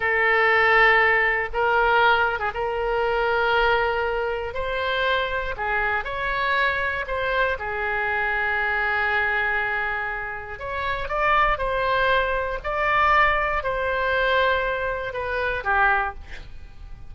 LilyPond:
\new Staff \with { instrumentName = "oboe" } { \time 4/4 \tempo 4 = 119 a'2. ais'4~ | ais'8. gis'16 ais'2.~ | ais'4 c''2 gis'4 | cis''2 c''4 gis'4~ |
gis'1~ | gis'4 cis''4 d''4 c''4~ | c''4 d''2 c''4~ | c''2 b'4 g'4 | }